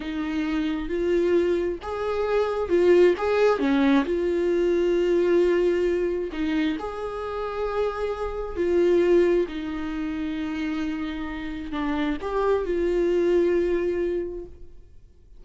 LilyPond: \new Staff \with { instrumentName = "viola" } { \time 4/4 \tempo 4 = 133 dis'2 f'2 | gis'2 f'4 gis'4 | cis'4 f'2.~ | f'2 dis'4 gis'4~ |
gis'2. f'4~ | f'4 dis'2.~ | dis'2 d'4 g'4 | f'1 | }